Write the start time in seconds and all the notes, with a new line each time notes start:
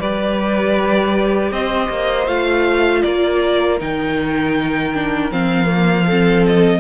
0.00 G3 G4 B4 D5
1.51 C4 C5 D#5
1.90 A#3
2.27 A3 F4 F5
3.02 A#3 A#4 D5
3.80 D#3 D#4 G5
4.94 D4
5.32 F3 C4 F5
5.66 A#3
6.06 C4 A4
6.47 D#5